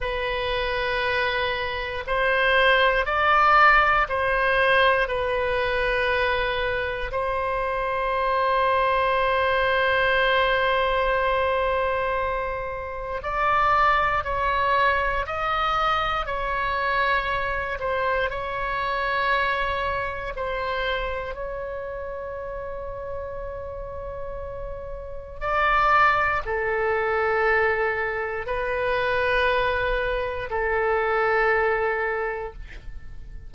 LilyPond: \new Staff \with { instrumentName = "oboe" } { \time 4/4 \tempo 4 = 59 b'2 c''4 d''4 | c''4 b'2 c''4~ | c''1~ | c''4 d''4 cis''4 dis''4 |
cis''4. c''8 cis''2 | c''4 cis''2.~ | cis''4 d''4 a'2 | b'2 a'2 | }